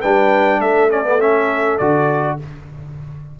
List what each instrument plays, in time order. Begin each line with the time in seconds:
0.00 tuba G3, trombone D4, horn B4, trumpet G5
0.60 tuba A3, horn A4, trumpet E5
0.90 trombone C#4, trumpet D5
1.04 trombone B3
1.21 trombone C#4, trumpet E5
1.78 tuba D3, trombone F#4, trumpet D5